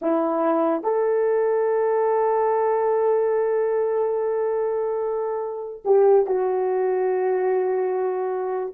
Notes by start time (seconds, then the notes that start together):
0.01 E4
0.83 A4
5.84 G4
6.26 F#4